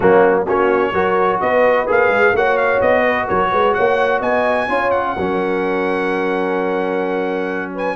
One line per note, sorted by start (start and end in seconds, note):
0.00 0.47 F#3
0.00 0.46 A#3
0.00 0.45 C#4
0.00 0.44 F#4
0.46 0.93 A#3
0.46 0.93 C#4
0.46 0.93 F#4
0.46 1.40 C#5
0.93 1.39 F#3
0.93 1.86 F#4
0.93 1.41 A#4
1.40 1.88 B3
1.40 2.36 B4
1.40 1.87 D#5
1.86 2.08 A#3
1.86 2.33 G#4
1.86 2.36 F5
2.08 2.32 G#3
2.32 2.79 A#3
2.32 4.69 F#4
2.32 3.02 C#5
2.32 2.57 F#5
2.57 2.80 F5
2.81 3.28 B3
2.81 3.28 D#5
3.02 3.26 B4
3.26 3.52 F#3
3.26 3.49 A#4
3.26 3.73 C#5
3.51 3.75 G#3
3.51 3.75 B4
3.73 4.20 A#3
3.73 4.20 C#5
3.73 4.20 F#5
4.20 4.67 B3
4.20 4.67 D#5
4.20 4.90 G#5
4.68 5.15 C#4
4.68 5.16 F4
4.68 5.14 C#5
4.90 7.72 F#5
5.15 7.95 F#3
5.15 7.95 C#4
5.15 7.73 A#4
7.74 7.95 B4
7.74 7.95 G#5